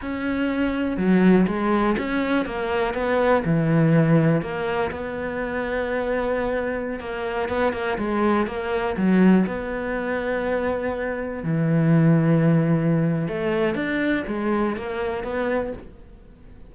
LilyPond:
\new Staff \with { instrumentName = "cello" } { \time 4/4 \tempo 4 = 122 cis'2 fis4 gis4 | cis'4 ais4 b4 e4~ | e4 ais4 b2~ | b2~ b16 ais4 b8 ais16~ |
ais16 gis4 ais4 fis4 b8.~ | b2.~ b16 e8.~ | e2. a4 | d'4 gis4 ais4 b4 | }